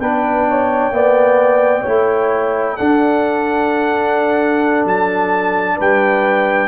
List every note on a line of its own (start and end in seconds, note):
0.00 0.91 B3
0.00 0.92 D4
0.00 0.47 B4
0.00 2.77 G5
0.49 0.95 C#5
0.91 1.83 A#3
0.91 1.85 B3
0.91 1.82 D5
1.82 2.78 A3
1.82 2.78 E4
1.82 2.75 C#5
2.77 6.68 D4
2.77 4.85 D4
2.77 5.77 A4
2.77 4.85 F#5
4.85 5.77 F#3
4.85 5.79 A5
5.77 6.68 G3
5.77 6.68 B4
5.77 6.68 G5